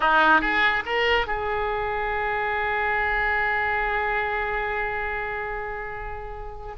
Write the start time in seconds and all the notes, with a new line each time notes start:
0.00 D#4
0.41 G#4
0.85 A#4
1.26 G#4